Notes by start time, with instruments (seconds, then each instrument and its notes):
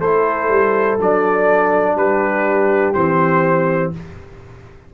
0.00 tuba A3, trombone E4, horn A4, trumpet C5
0.49 tuba G3
1.00 tuba F#3, trombone D4, trumpet D5
1.95 tuba G3, horn G4, trumpet B4
2.94 tuba E3, trombone C4, trumpet C5